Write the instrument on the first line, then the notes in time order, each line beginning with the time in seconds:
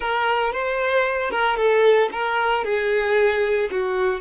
violin
0.00 A#4
0.52 C5
1.30 A#4
1.56 A4
2.12 A#4
2.64 G#4
3.70 F#4